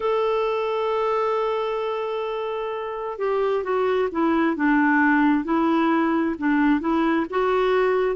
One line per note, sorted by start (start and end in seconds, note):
0.00 3.18 A4
3.18 3.63 G4
3.63 4.09 F#4
4.12 4.55 E4
4.55 5.44 D4
5.44 6.35 E4
6.38 6.80 D4
6.80 7.26 E4
7.30 8.16 F#4